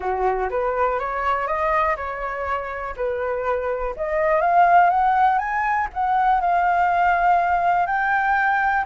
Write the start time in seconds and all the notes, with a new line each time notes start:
0.00 F#4
0.50 B4
0.99 C#5
1.47 D#5
1.96 C#5
2.96 B4
3.96 D#5
4.41 F5
4.89 F#5
5.38 G#5
5.93 F#5
6.41 F5
7.86 G5